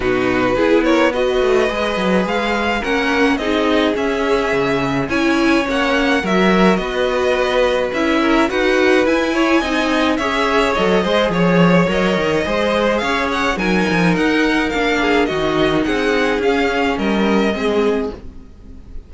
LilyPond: <<
  \new Staff \with { instrumentName = "violin" } { \time 4/4 \tempo 4 = 106 b'4. cis''8 dis''2 | f''4 fis''4 dis''4 e''4~ | e''4 gis''4 fis''4 e''4 | dis''2 e''4 fis''4 |
gis''2 e''4 dis''4 | cis''4 dis''2 f''8 fis''8 | gis''4 fis''4 f''4 dis''4 | fis''4 f''4 dis''2 | }
  \new Staff \with { instrumentName = "violin" } { \time 4/4 fis'4 gis'8 ais'8 b'2~ | b'4 ais'4 gis'2~ | gis'4 cis''2 ais'4 | b'2~ b'8 ais'8 b'4~ |
b'8 cis''8 dis''4 cis''4. c''8 | cis''2 c''4 cis''4 | ais'2~ ais'8 gis'8 fis'4 | gis'2 ais'4 gis'4 | }
  \new Staff \with { instrumentName = "viola" } { \time 4/4 dis'4 e'4 fis'4 gis'4~ | gis'4 cis'4 dis'4 cis'4~ | cis'4 e'4 cis'4 fis'4~ | fis'2 e'4 fis'4 |
e'4 dis'4 gis'4 a'8 gis'8~ | gis'4 ais'4 gis'2 | dis'2 d'4 dis'4~ | dis'4 cis'2 c'4 | }
  \new Staff \with { instrumentName = "cello" } { \time 4/4 b,4 b4. a8 gis8 fis8 | gis4 ais4 c'4 cis'4 | cis4 cis'4 ais4 fis4 | b2 cis'4 dis'4 |
e'4 c'4 cis'4 fis8 gis8 | f4 fis8 dis8 gis4 cis'4 | fis8 f8 dis'4 ais4 dis4 | c'4 cis'4 g4 gis4 | }
>>